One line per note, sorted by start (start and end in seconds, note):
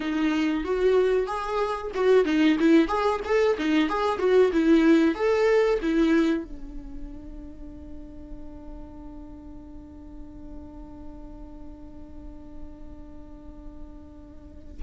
0.00 0.64 D#4
0.64 1.26 F#4
1.26 1.91 G#4
1.94 2.24 F#4
2.24 2.57 D#4
2.59 2.88 E4
2.88 3.20 G#4
3.25 3.57 A4
3.58 3.89 D#4
3.89 4.18 G#4
4.18 4.51 F#4
4.52 5.14 E4
5.14 5.79 A4
5.82 6.43 E4
6.43 14.82 D4